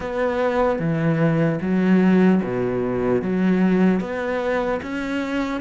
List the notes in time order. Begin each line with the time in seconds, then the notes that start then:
0.00 B3
0.79 E3
1.61 F#3
2.43 B2
3.22 F#3
4.00 B3
4.82 C#4